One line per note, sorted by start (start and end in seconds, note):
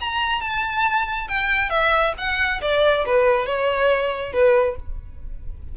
0.00 0.41 A#5
0.41 1.28 A5
1.28 1.70 G5
1.70 2.13 E5
2.18 2.61 F#5
2.61 3.05 D5
3.06 3.46 B4
3.46 4.32 C#5
4.32 4.76 B4